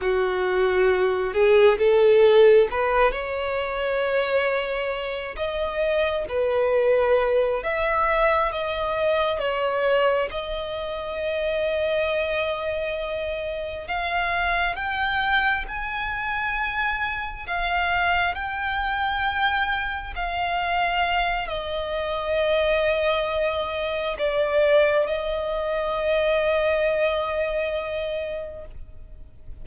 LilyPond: \new Staff \with { instrumentName = "violin" } { \time 4/4 \tempo 4 = 67 fis'4. gis'8 a'4 b'8 cis''8~ | cis''2 dis''4 b'4~ | b'8 e''4 dis''4 cis''4 dis''8~ | dis''2.~ dis''8 f''8~ |
f''8 g''4 gis''2 f''8~ | f''8 g''2 f''4. | dis''2. d''4 | dis''1 | }